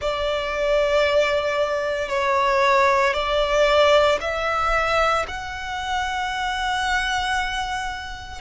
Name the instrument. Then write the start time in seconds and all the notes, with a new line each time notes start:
violin
0.01 D5
2.08 C#5
3.13 D5
4.21 E5
5.27 F#5